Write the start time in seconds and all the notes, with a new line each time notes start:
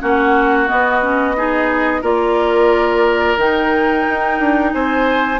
0.00 A#3 C#4 F#4 F#5
0.67 B3 D#5
1.01 C#4
1.36 D#4 G#4
2.02 A#3 F4 A#4 D5
3.37 D#3 D#4 G5
4.09 D#4
4.39 D4
4.73 C4 C5 G#5